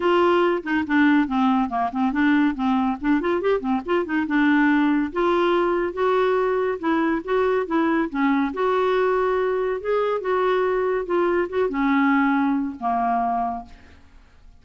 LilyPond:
\new Staff \with { instrumentName = "clarinet" } { \time 4/4 \tempo 4 = 141 f'4. dis'8 d'4 c'4 | ais8 c'8 d'4 c'4 d'8 f'8 | g'8 c'8 f'8 dis'8 d'2 | f'2 fis'2 |
e'4 fis'4 e'4 cis'4 | fis'2. gis'4 | fis'2 f'4 fis'8 cis'8~ | cis'2 ais2 | }